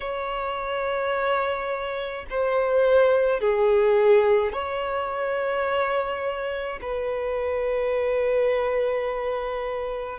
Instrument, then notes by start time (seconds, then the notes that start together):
violin
0.00 C#5
2.30 C5
3.40 G#4
4.53 C#5
6.81 B4